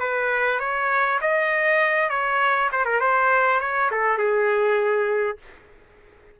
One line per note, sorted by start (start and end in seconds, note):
0.00 0.60 B4
0.60 1.20 C#5
1.21 2.10 D#5
2.10 2.70 C#5
2.72 2.86 C5
2.86 3.01 A#4
3.01 3.61 C5
3.61 3.91 C#5
3.92 4.18 A4
4.18 5.38 G#4